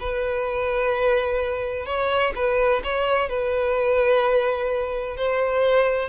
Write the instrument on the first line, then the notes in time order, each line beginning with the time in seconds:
violin
0.00 B4
1.86 C#5
2.35 B4
2.84 C#5
3.29 B4
5.17 C5